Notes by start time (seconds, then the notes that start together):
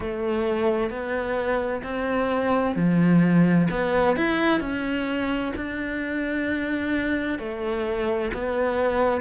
0.00 A3
0.89 B3
1.83 C4
2.75 F3
3.70 B3
4.16 E4
4.60 C#4
5.56 D4
7.38 A3
8.33 B3